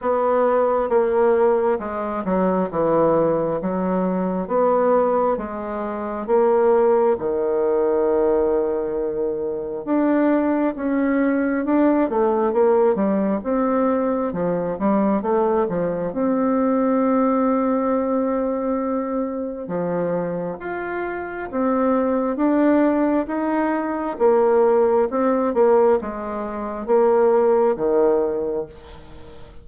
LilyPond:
\new Staff \with { instrumentName = "bassoon" } { \time 4/4 \tempo 4 = 67 b4 ais4 gis8 fis8 e4 | fis4 b4 gis4 ais4 | dis2. d'4 | cis'4 d'8 a8 ais8 g8 c'4 |
f8 g8 a8 f8 c'2~ | c'2 f4 f'4 | c'4 d'4 dis'4 ais4 | c'8 ais8 gis4 ais4 dis4 | }